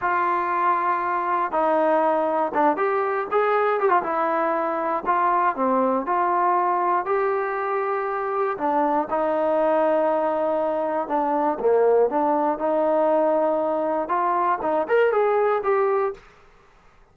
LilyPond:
\new Staff \with { instrumentName = "trombone" } { \time 4/4 \tempo 4 = 119 f'2. dis'4~ | dis'4 d'8 g'4 gis'4 g'16 f'16 | e'2 f'4 c'4 | f'2 g'2~ |
g'4 d'4 dis'2~ | dis'2 d'4 ais4 | d'4 dis'2. | f'4 dis'8 ais'8 gis'4 g'4 | }